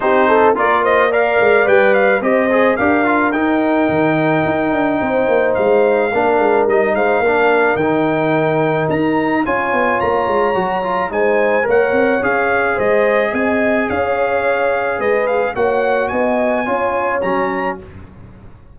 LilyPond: <<
  \new Staff \with { instrumentName = "trumpet" } { \time 4/4 \tempo 4 = 108 c''4 d''8 dis''8 f''4 g''8 f''8 | dis''4 f''4 g''2~ | g''2 f''2 | dis''8 f''4. g''2 |
ais''4 gis''4 ais''2 | gis''4 fis''4 f''4 dis''4 | gis''4 f''2 dis''8 f''8 | fis''4 gis''2 ais''4 | }
  \new Staff \with { instrumentName = "horn" } { \time 4/4 g'8 a'8 ais'8 c''8 d''2 | c''4 ais'2.~ | ais'4 c''2 ais'4~ | ais'8 c''8 ais'2.~ |
ais'4 cis''2. | c''4 cis''2 c''4 | dis''4 cis''2 b'4 | cis''4 dis''4 cis''2 | }
  \new Staff \with { instrumentName = "trombone" } { \time 4/4 dis'4 f'4 ais'4 b'4 | g'8 gis'8 g'8 f'8 dis'2~ | dis'2. d'4 | dis'4 d'4 dis'2~ |
dis'4 f'2 fis'8 f'8 | dis'4 ais'4 gis'2~ | gis'1 | fis'2 f'4 cis'4 | }
  \new Staff \with { instrumentName = "tuba" } { \time 4/4 c'4 ais4. gis8 g4 | c'4 d'4 dis'4 dis4 | dis'8 d'8 c'8 ais8 gis4 ais8 gis8 | g8 gis8 ais4 dis2 |
dis'4 cis'8 b8 ais8 gis8 fis4 | gis4 ais8 c'8 cis'4 gis4 | c'4 cis'2 gis4 | ais4 b4 cis'4 fis4 | }
>>